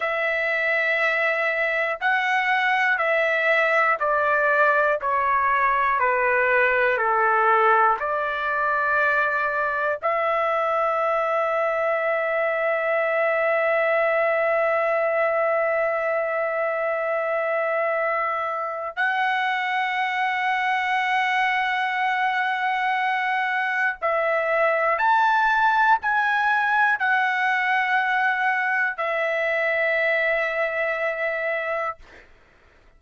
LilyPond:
\new Staff \with { instrumentName = "trumpet" } { \time 4/4 \tempo 4 = 60 e''2 fis''4 e''4 | d''4 cis''4 b'4 a'4 | d''2 e''2~ | e''1~ |
e''2. fis''4~ | fis''1 | e''4 a''4 gis''4 fis''4~ | fis''4 e''2. | }